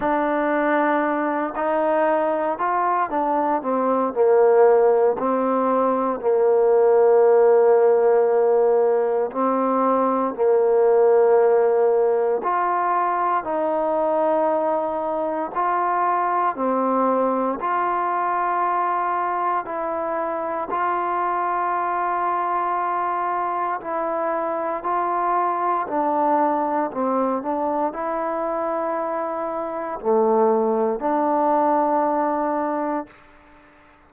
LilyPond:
\new Staff \with { instrumentName = "trombone" } { \time 4/4 \tempo 4 = 58 d'4. dis'4 f'8 d'8 c'8 | ais4 c'4 ais2~ | ais4 c'4 ais2 | f'4 dis'2 f'4 |
c'4 f'2 e'4 | f'2. e'4 | f'4 d'4 c'8 d'8 e'4~ | e'4 a4 d'2 | }